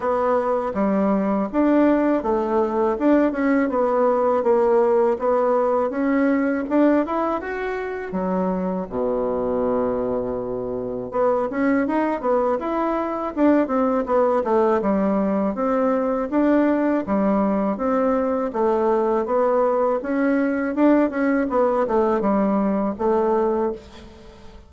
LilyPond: \new Staff \with { instrumentName = "bassoon" } { \time 4/4 \tempo 4 = 81 b4 g4 d'4 a4 | d'8 cis'8 b4 ais4 b4 | cis'4 d'8 e'8 fis'4 fis4 | b,2. b8 cis'8 |
dis'8 b8 e'4 d'8 c'8 b8 a8 | g4 c'4 d'4 g4 | c'4 a4 b4 cis'4 | d'8 cis'8 b8 a8 g4 a4 | }